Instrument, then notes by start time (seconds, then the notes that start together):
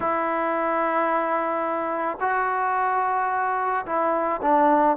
trombone
0.00 E4
2.20 F#4
3.86 E4
4.42 D4